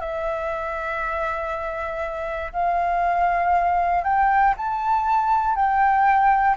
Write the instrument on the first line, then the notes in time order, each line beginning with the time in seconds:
flute
0.00 E5
2.52 F5
4.04 G5
4.57 A5
5.55 G5